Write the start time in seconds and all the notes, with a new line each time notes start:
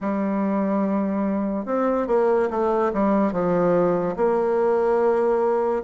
0.00 G3
1.65 C4
2.07 A#3
2.50 A3
2.93 G3
3.32 F3
4.16 A#3